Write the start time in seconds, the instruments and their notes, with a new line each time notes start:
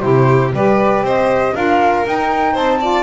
0.00 double bass C3, saxophone E4, violin G4, flute C5
0.52 double bass G3, saxophone G4, violin B4, flute D5
1.02 double bass C4, violin C5, flute D#5
1.53 double bass D4, saxophone F4, violin A#4, flute F5
2.06 double bass D#4, saxophone D#4, flute G5
2.53 double bass C4, violin C5, flute A5
2.80 saxophone F4, violin D5